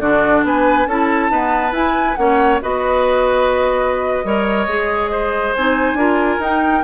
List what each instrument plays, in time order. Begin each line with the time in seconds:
0.00 bassoon D3, clarinet D4, oboe F#4, flute D5
0.43 bassoon B3, oboe B4, flute G#5
0.87 bassoon C#4, clarinet E4, oboe A4, flute A5
1.30 clarinet B3, bassoon D#4, oboe B4
1.72 bassoon E4, clarinet E4, flute G#5
2.16 bassoon A#3, clarinet C#4, oboe C#5, flute F#5
2.62 bassoon B3, clarinet F#4, oboe B4, flute D#5
4.24 bassoon G3, clarinet A#4, oboe C#5
4.67 bassoon G#3, clarinet G#4
5.11 oboe C5
5.55 bassoon C4, clarinet D#4, flute G#5
5.94 bassoon D4, clarinet F4, oboe A#4
6.39 bassoon D#4, clarinet D#4, flute G5